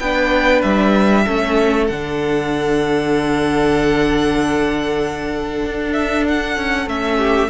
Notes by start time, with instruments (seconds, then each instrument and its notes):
0.00 cello B3, viola D4, violin B4 G5
0.62 cello G3, violin E5
1.24 cello A3, viola C#4, violin A4
1.88 cello D3, viola D4, violin F#5
5.65 cello D4
5.93 violin E5
6.28 violin F#5
6.57 cello C#4
6.87 cello A3, viola C#4, violin E5
7.19 violin G4